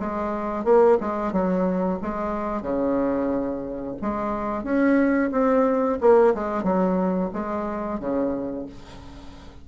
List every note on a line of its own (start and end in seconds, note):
0.00 0.65 G#3
0.65 0.98 A#3
1.01 1.33 G#3
1.33 1.99 F#3
2.02 2.62 G#3
2.62 3.96 C#3
4.02 4.64 G#3
4.64 5.31 C#4
5.32 5.99 C4
6.01 6.35 A#3
6.35 6.64 G#3
6.64 7.30 F#3
7.34 8.00 G#3
8.00 8.66 C#3